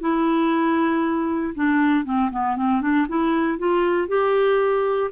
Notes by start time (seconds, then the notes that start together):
0.00 E4
1.55 D4
2.04 C4
2.31 B3
2.56 C4
2.81 D4
3.08 E4
3.58 F4
4.08 G4